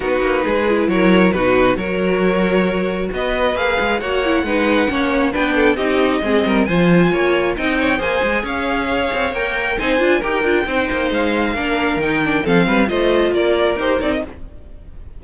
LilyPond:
<<
  \new Staff \with { instrumentName = "violin" } { \time 4/4 \tempo 4 = 135 b'2 cis''4 b'4 | cis''2. dis''4 | f''4 fis''2. | g''4 dis''2 gis''4~ |
gis''4 g''4 gis''4 f''4~ | f''4 g''4 gis''4 g''4~ | g''4 f''2 g''4 | f''4 dis''4 d''4 c''8 d''16 dis''16 | }
  \new Staff \with { instrumentName = "violin" } { \time 4/4 fis'4 gis'4 ais'4 fis'4 | ais'2. b'4~ | b'4 cis''4 b'4 cis''4 | b'8 a'8 g'4 gis'8 ais'8 c''4 |
cis''4 dis''8 cis''8 c''4 cis''4~ | cis''2 c''4 ais'4 | c''2 ais'2 | a'8 b'8 c''4 ais'2 | }
  \new Staff \with { instrumentName = "viola" } { \time 4/4 dis'4. e'4. dis'4 | fis'1 | gis'4 fis'8 e'8 dis'4 cis'4 | d'4 dis'4 c'4 f'4~ |
f'4 dis'4 gis'2~ | gis'4 ais'4 dis'8 f'8 g'8 f'8 | dis'2 d'4 dis'8 d'8 | c'4 f'2 g'8 dis'8 | }
  \new Staff \with { instrumentName = "cello" } { \time 4/4 b8 ais8 gis4 fis4 b,4 | fis2. b4 | ais8 gis8 ais4 gis4 ais4 | b4 c'4 gis8 g8 f4 |
ais4 c'4 ais8 gis8 cis'4~ | cis'8 c'8 ais4 c'8 d'8 dis'8 d'8 | c'8 ais8 gis4 ais4 dis4 | f8 g8 a4 ais4 dis'8 c'8 | }
>>